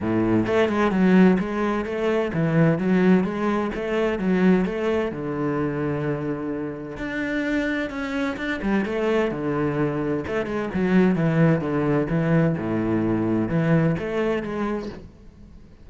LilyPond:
\new Staff \with { instrumentName = "cello" } { \time 4/4 \tempo 4 = 129 a,4 a8 gis8 fis4 gis4 | a4 e4 fis4 gis4 | a4 fis4 a4 d4~ | d2. d'4~ |
d'4 cis'4 d'8 g8 a4 | d2 a8 gis8 fis4 | e4 d4 e4 a,4~ | a,4 e4 a4 gis4 | }